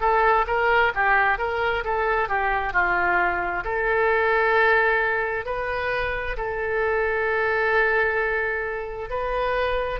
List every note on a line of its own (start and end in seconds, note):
0.00 0.45 A4
0.47 0.92 A#4
0.94 1.38 G4
1.38 1.83 A#4
1.84 2.29 A4
2.29 2.73 G4
2.73 3.64 F4
3.64 5.45 A4
5.45 6.36 B4
6.37 9.10 A4
9.10 10.00 B4